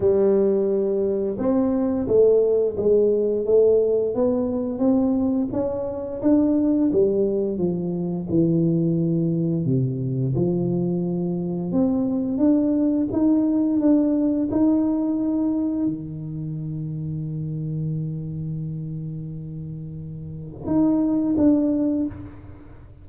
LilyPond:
\new Staff \with { instrumentName = "tuba" } { \time 4/4 \tempo 4 = 87 g2 c'4 a4 | gis4 a4 b4 c'4 | cis'4 d'4 g4 f4 | e2 c4 f4~ |
f4 c'4 d'4 dis'4 | d'4 dis'2 dis4~ | dis1~ | dis2 dis'4 d'4 | }